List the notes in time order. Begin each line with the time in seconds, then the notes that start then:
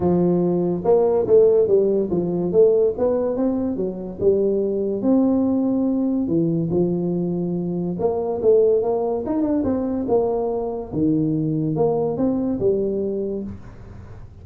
0.00 F3
0.84 A#3
1.26 A3
1.67 G3
2.10 F3
2.52 A3
2.98 B3
3.36 C4
3.76 F#3
4.20 G3
5.02 C4
6.27 E3
6.70 F3
7.99 A#3
8.42 A3
8.82 A#3
9.26 D#4
9.42 D4
9.64 C4
10.08 A#3
10.92 D#3
11.75 A#3
12.17 C4
12.59 G3